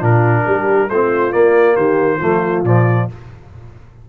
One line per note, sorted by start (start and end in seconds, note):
0.00 0.45 A#2
0.00 0.89 D4
0.00 0.43 F4
0.00 0.90 A#4
0.47 0.90 G3
0.47 0.90 G4
0.90 1.34 A3
0.90 1.32 C4
0.90 1.76 F4
0.90 1.33 C5
1.32 2.19 A#3
1.32 1.77 A#3
1.32 1.76 D5
1.76 2.21 D#3
1.76 2.17 G4
1.76 2.63 C5
2.17 2.64 F3
2.17 2.65 A3
2.17 3.04 F4
2.64 3.08 A#2
2.64 3.10 F3
2.64 3.09 D5